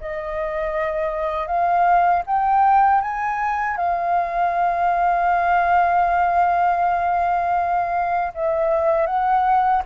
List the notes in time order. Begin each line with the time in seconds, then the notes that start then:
0.00 D#5
1.47 F5
2.26 G5
3.01 G#5
3.77 F5
8.34 E5
9.06 F#5